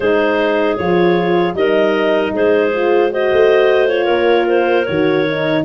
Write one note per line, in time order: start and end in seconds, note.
0.00 0.78 G#3
0.00 0.78 D#4
0.00 1.56 G#4
0.00 0.76 C5
0.76 1.53 F3
0.76 1.55 F4
0.76 1.54 C#5
1.53 2.31 G3
1.53 2.72 D#4
1.53 2.33 A#4
1.53 2.33 D#5
2.33 3.31 G#3
2.33 3.10 G#4
2.33 3.13 C5
2.73 3.10 F4
3.10 3.88 F#4
3.10 4.04 C5
3.10 3.88 D#5
3.32 4.07 A3
3.88 4.86 F4
3.88 4.46 C#5
4.04 4.85 A#3
4.04 5.60 A#4
4.48 4.85 C5
4.85 5.64 D#3
4.85 5.27 F#4
4.85 5.63 C#5
5.29 5.64 D#4